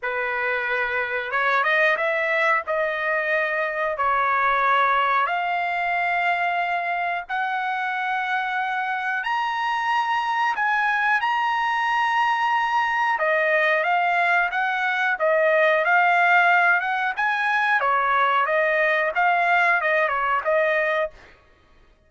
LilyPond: \new Staff \with { instrumentName = "trumpet" } { \time 4/4 \tempo 4 = 91 b'2 cis''8 dis''8 e''4 | dis''2 cis''2 | f''2. fis''4~ | fis''2 ais''2 |
gis''4 ais''2. | dis''4 f''4 fis''4 dis''4 | f''4. fis''8 gis''4 cis''4 | dis''4 f''4 dis''8 cis''8 dis''4 | }